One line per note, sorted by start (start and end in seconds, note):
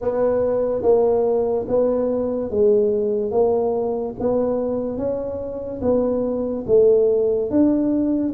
0.01 0.82 B3
0.82 1.66 A#3
1.67 2.50 B3
2.50 3.31 G#3
3.31 4.14 A#3
4.19 4.97 B3
4.97 5.80 C#4
5.81 6.64 B3
6.67 7.50 A3
7.50 8.33 D4